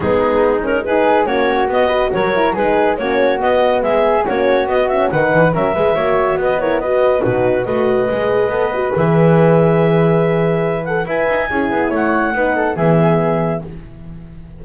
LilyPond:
<<
  \new Staff \with { instrumentName = "clarinet" } { \time 4/4 \tempo 4 = 141 gis'4. ais'8 b'4 cis''4 | dis''4 cis''4 b'4 cis''4 | dis''4 e''4 cis''4 dis''8 e''8 | fis''4 e''2 dis''8 cis''8 |
dis''4 b'4 dis''2~ | dis''4 e''2.~ | e''4. fis''8 gis''2 | fis''2 e''2 | }
  \new Staff \with { instrumentName = "flute" } { \time 4/4 dis'2 gis'4 fis'4~ | fis'8 b'8 ais'4 gis'4 fis'4~ | fis'4 gis'4 fis'2 | b'4 ais'8 b'8 cis''4 b'8 ais'8 |
b'4 fis'4 b'2~ | b'1~ | b'2 e''4 gis'4 | cis''4 b'8 a'8 gis'2 | }
  \new Staff \with { instrumentName = "horn" } { \time 4/4 b4. cis'8 dis'4 cis'4 | b8 fis'4 e'8 dis'4 cis'4 | b2 cis'4 b8 cis'8 | dis'4 cis'8 gis'8 fis'4. e'8 |
fis'4 dis'4 fis'4 gis'4 | a'8 fis'8 gis'2.~ | gis'4. a'8 b'4 e'4~ | e'4 dis'4 b2 | }
  \new Staff \with { instrumentName = "double bass" } { \time 4/4 gis2. ais4 | b4 fis4 gis4 ais4 | b4 gis4 ais4 b4 | dis8 e8 fis8 gis8 ais4 b4~ |
b4 b,4 a4 gis4 | b4 e2.~ | e2 e'8 dis'8 cis'8 b8 | a4 b4 e2 | }
>>